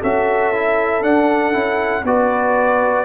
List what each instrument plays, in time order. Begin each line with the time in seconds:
0.00 tuba C#4, trombone F#4, horn A4, trumpet E5
0.53 trombone E4
1.02 trombone D4, tuba D4, trumpet F#5
1.52 tuba C#4, trombone E4
2.03 tuba B3, trombone F#4, horn B4, trumpet D5